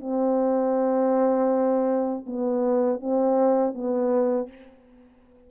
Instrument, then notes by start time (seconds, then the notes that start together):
horn
0.00 C4
2.26 B3
3.00 C4
3.74 B3